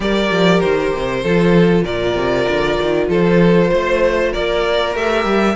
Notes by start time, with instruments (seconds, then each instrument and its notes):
0.00 cello G3, viola G4, violin A#4 D5
0.30 cello F3
0.60 cello D#3, violin C5
0.94 cello C3
1.22 cello F3, viola F4, violin A4
1.83 cello A#2, violin A#4 D5
2.14 cello C3
2.48 cello D3
2.81 cello D#3
3.09 cello F3, violin A4 C5
3.70 cello A3, violin C5
4.32 cello A#3, violin A#4 D5
4.93 cello A3, viola G4, violin E5
5.24 cello G3